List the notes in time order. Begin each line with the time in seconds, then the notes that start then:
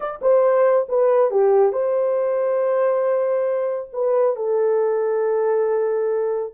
0.00 D5
0.21 C5
0.89 B4
1.30 G4
1.72 C5
3.92 B4
4.36 A4